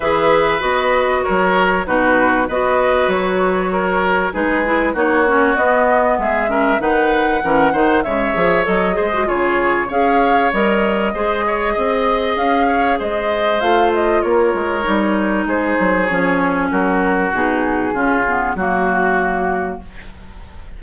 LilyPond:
<<
  \new Staff \with { instrumentName = "flute" } { \time 4/4 \tempo 4 = 97 e''4 dis''4 cis''4 b'4 | dis''4 cis''2 b'4 | cis''4 dis''4 e''4 fis''4~ | fis''4 e''4 dis''4 cis''4 |
f''4 dis''2. | f''4 dis''4 f''8 dis''8 cis''4~ | cis''4 c''4 cis''4 ais'4 | gis'2 fis'2 | }
  \new Staff \with { instrumentName = "oboe" } { \time 4/4 b'2 ais'4 fis'4 | b'2 ais'4 gis'4 | fis'2 gis'8 ais'8 b'4 | ais'8 c''8 cis''4. c''8 gis'4 |
cis''2 c''8 cis''8 dis''4~ | dis''8 cis''8 c''2 ais'4~ | ais'4 gis'2 fis'4~ | fis'4 f'4 fis'2 | }
  \new Staff \with { instrumentName = "clarinet" } { \time 4/4 gis'4 fis'2 dis'4 | fis'2. dis'8 e'8 | dis'8 cis'8 b4. cis'8 dis'4 | cis'8 dis'8 gis8 gis'8 a'8 gis'16 fis'16 f'4 |
gis'4 ais'4 gis'2~ | gis'2 f'2 | dis'2 cis'2 | dis'4 cis'8 b8 ais2 | }
  \new Staff \with { instrumentName = "bassoon" } { \time 4/4 e4 b4 fis4 b,4 | b4 fis2 gis4 | ais4 b4 gis4 dis4 | e8 dis8 cis8 f8 fis8 gis8 cis4 |
cis'4 g4 gis4 c'4 | cis'4 gis4 a4 ais8 gis8 | g4 gis8 fis8 f4 fis4 | b,4 cis4 fis2 | }
>>